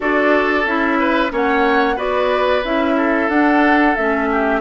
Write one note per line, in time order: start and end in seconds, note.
0.00 0.65 D4
0.00 0.63 F#4
0.00 0.99 A4
0.00 0.66 D5
0.65 1.30 C#4
0.65 1.29 E4
0.65 1.32 E5
0.99 1.32 B4
1.29 1.97 A#3
1.29 1.95 C#4
1.29 1.96 C#5
1.29 1.98 F#5
1.96 2.63 B3
1.96 2.62 F#4
1.96 2.95 B4
1.96 2.64 D5
2.64 3.29 C#4
2.64 3.30 E4
2.64 3.29 E5
2.97 4.28 A4
3.29 3.95 D4
3.29 3.96 D4
3.29 3.95 F#5
3.95 4.60 A3
3.95 4.60 C#4
3.95 4.60 E5
4.31 4.60 G4